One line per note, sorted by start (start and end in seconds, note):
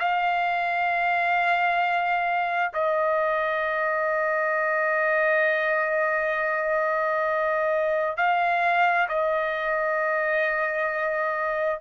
0.00 2.73 F5
2.74 8.17 D#5
8.17 9.08 F5
9.09 11.81 D#5